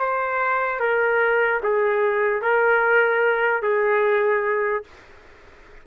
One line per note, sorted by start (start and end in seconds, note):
0.00 0.80 C5
0.80 1.61 A#4
1.63 2.42 G#4
2.42 3.63 A#4
3.63 4.84 G#4